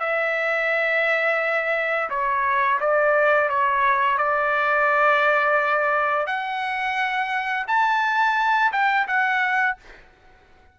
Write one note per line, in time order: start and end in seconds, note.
0.00 2.09 E5
2.10 2.80 C#5
2.80 3.49 D5
3.49 4.18 C#5
4.18 6.27 D5
6.27 7.66 F#5
7.67 8.72 A5
8.72 9.07 G5
9.07 9.77 F#5